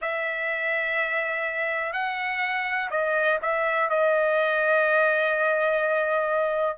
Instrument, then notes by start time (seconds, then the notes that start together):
trumpet
0.01 E5
1.92 F#5
2.90 D#5
3.42 E5
3.89 D#5